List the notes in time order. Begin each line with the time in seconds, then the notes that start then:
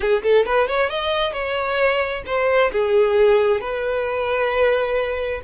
0.00 G#4
0.23 A4
0.45 B4
0.67 C#5
0.89 D#5
1.32 C#5
2.26 C5
2.72 G#4
3.60 B4